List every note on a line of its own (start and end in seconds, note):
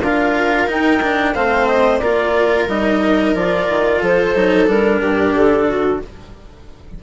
0.00 0.67 D4
0.00 0.67 F4
0.00 1.34 A#4
0.00 0.69 F5
0.67 1.00 D#4
0.67 1.34 D#4
0.67 1.34 G5
1.02 1.34 D4
1.34 2.00 A3
1.34 2.01 C4
1.34 2.01 C5
1.34 1.67 F5
1.67 1.97 D#5
1.97 2.67 A#3
1.97 2.68 F4
1.97 3.99 A#4
1.97 2.64 D5
2.67 3.34 G3
2.67 3.35 D#4
2.67 3.35 D#5
3.34 3.67 F3
3.34 4.35 F4
3.34 4.02 D5
3.68 4.01 D#3
3.99 4.34 F3
3.99 4.99 A4
3.99 4.68 C5
4.35 4.67 F#3
4.35 4.66 D#4
4.66 5.01 G3
4.66 6.00 D4
4.66 5.35 A#4
5.01 5.33 G2
5.01 5.67 G4
5.33 6.00 D3
5.33 6.01 A4
5.69 6.02 F#4